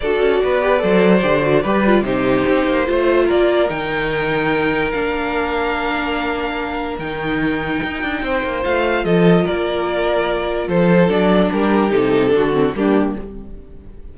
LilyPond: <<
  \new Staff \with { instrumentName = "violin" } { \time 4/4 \tempo 4 = 146 d''1~ | d''4 c''2. | d''4 g''2. | f''1~ |
f''4 g''2.~ | g''4 f''4 dis''4 d''4~ | d''2 c''4 d''4 | ais'4 a'2 g'4 | }
  \new Staff \with { instrumentName = "violin" } { \time 4/4 a'4 b'4 c''2 | b'4 g'2 c''4 | ais'1~ | ais'1~ |
ais'1 | c''2 a'4 ais'4~ | ais'2 a'2 | g'2 fis'4 d'4 | }
  \new Staff \with { instrumentName = "viola" } { \time 4/4 fis'4. g'8 a'4 g'8 fis'8 | g'8 f'8 dis'2 f'4~ | f'4 dis'2. | d'1~ |
d'4 dis'2.~ | dis'4 f'2.~ | f'2. d'4~ | d'4 dis'4 d'8 c'8 ais4 | }
  \new Staff \with { instrumentName = "cello" } { \time 4/4 d'8 cis'8 b4 fis4 d4 | g4 c4 c'8 ais8 a4 | ais4 dis2. | ais1~ |
ais4 dis2 dis'8 d'8 | c'8 ais8 a4 f4 ais4~ | ais2 f4 fis4 | g4 c4 d4 g4 | }
>>